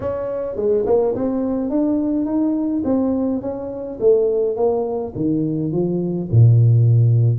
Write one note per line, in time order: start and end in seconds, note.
0.00 0.56 C#4
0.56 0.84 G#3
0.86 1.14 A#3
1.15 1.70 C4
1.70 2.25 D4
2.25 2.83 D#4
2.84 3.41 C4
3.41 3.98 C#4
3.99 4.56 A3
4.56 5.13 A#3
5.15 5.71 D#3
5.71 6.29 F3
6.31 7.39 A#2